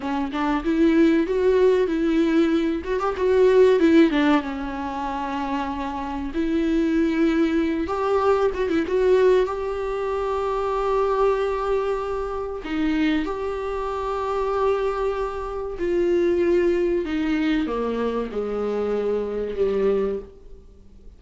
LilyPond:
\new Staff \with { instrumentName = "viola" } { \time 4/4 \tempo 4 = 95 cis'8 d'8 e'4 fis'4 e'4~ | e'8 fis'16 g'16 fis'4 e'8 d'8 cis'4~ | cis'2 e'2~ | e'8 g'4 fis'16 e'16 fis'4 g'4~ |
g'1 | dis'4 g'2.~ | g'4 f'2 dis'4 | ais4 gis2 g4 | }